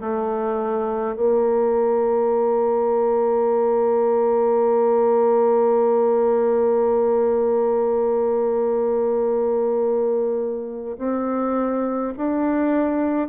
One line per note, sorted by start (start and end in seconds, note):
0.00 1.15 A3
1.15 10.96 A#3
10.98 12.13 C4
12.17 13.28 D4